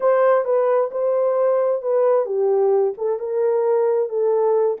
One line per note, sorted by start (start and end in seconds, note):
0.00 0.44 C5
0.44 0.90 B4
0.91 1.81 C5
1.81 2.25 B4
2.25 2.93 G4
2.97 3.19 A4
3.19 4.09 A#4
4.09 4.77 A4